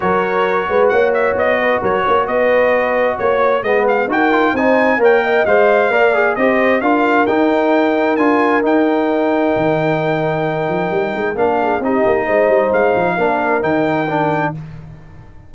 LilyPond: <<
  \new Staff \with { instrumentName = "trumpet" } { \time 4/4 \tempo 4 = 132 cis''2 fis''8 e''8 dis''4 | cis''4 dis''2 cis''4 | dis''8 f''8 g''4 gis''4 g''4 | f''2 dis''4 f''4 |
g''2 gis''4 g''4~ | g''1~ | g''4 f''4 dis''2 | f''2 g''2 | }
  \new Staff \with { instrumentName = "horn" } { \time 4/4 ais'4. b'8 cis''4. b'8 | ais'8 cis''8 b'2 cis''4 | b'4 ais'4 c''4 cis''8 dis''8~ | dis''4 d''4 c''4 ais'4~ |
ais'1~ | ais'1~ | ais'4. gis'8 g'4 c''4~ | c''4 ais'2. | }
  \new Staff \with { instrumentName = "trombone" } { \time 4/4 fis'1~ | fis'1 | b4 fis'8 f'8 dis'4 ais'4 | c''4 ais'8 gis'8 g'4 f'4 |
dis'2 f'4 dis'4~ | dis'1~ | dis'4 d'4 dis'2~ | dis'4 d'4 dis'4 d'4 | }
  \new Staff \with { instrumentName = "tuba" } { \time 4/4 fis4. gis8 ais4 b4 | fis8 ais8 b2 ais4 | gis4 dis'4 c'4 ais4 | gis4 ais4 c'4 d'4 |
dis'2 d'4 dis'4~ | dis'4 dis2~ dis8 f8 | g8 gis8 ais4 c'8 ais8 gis8 g8 | gis8 f8 ais4 dis2 | }
>>